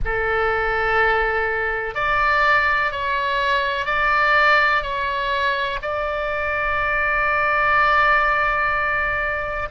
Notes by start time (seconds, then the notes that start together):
0.04 A4
1.94 D5
2.91 C#5
3.85 D5
4.82 C#5
5.82 D5